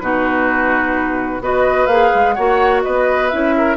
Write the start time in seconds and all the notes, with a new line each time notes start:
0.00 B2 D#4 F#4 B4
1.41 B3 F#4 B4 D#5
1.87 A#3 G#4 F5
2.15 G#3
2.33 A#3 F#4 C#5 F#5
2.83 B3 B4 D#5
3.29 C#4 E4 E5
3.57 A#4